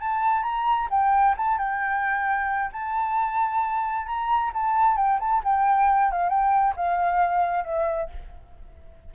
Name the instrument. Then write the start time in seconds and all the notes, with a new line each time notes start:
flute
0.00 A5
0.43 A#5
0.90 G5
1.37 A5
1.58 G5
2.73 A5
4.06 A#5
4.53 A5
4.97 G5
5.20 A5
5.44 G5
6.11 F5
6.29 G5
6.76 F5
7.64 E5